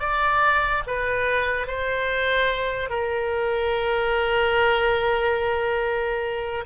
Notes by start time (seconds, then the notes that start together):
0.00 D5
0.87 B4
1.68 C5
2.90 A#4